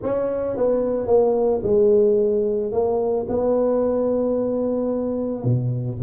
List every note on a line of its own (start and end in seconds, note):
0.02 0.56 C#4
0.56 1.07 B3
1.07 1.61 A#3
1.63 2.71 G#3
2.71 3.26 A#3
3.29 5.44 B3
5.44 5.98 B2